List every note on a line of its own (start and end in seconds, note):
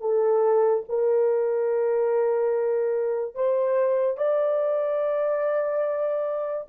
0.00 0.83 A4
0.89 3.35 A#4
3.35 4.17 C5
4.17 6.67 D5